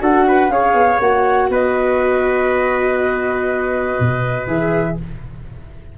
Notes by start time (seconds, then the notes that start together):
0.00 D4 F#4 A4 F#5
0.28 B4
0.49 C#4 G#4 C#5 F5
0.74 B3
1.00 A#3 F#4 F#5
1.49 B3 B4 D#5
4.00 B2
4.47 E3 G#4 E5